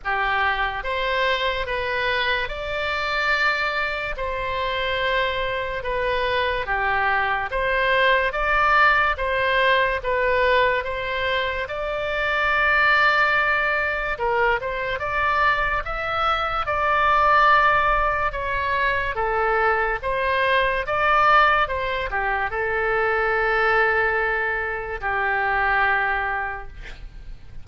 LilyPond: \new Staff \with { instrumentName = "oboe" } { \time 4/4 \tempo 4 = 72 g'4 c''4 b'4 d''4~ | d''4 c''2 b'4 | g'4 c''4 d''4 c''4 | b'4 c''4 d''2~ |
d''4 ais'8 c''8 d''4 e''4 | d''2 cis''4 a'4 | c''4 d''4 c''8 g'8 a'4~ | a'2 g'2 | }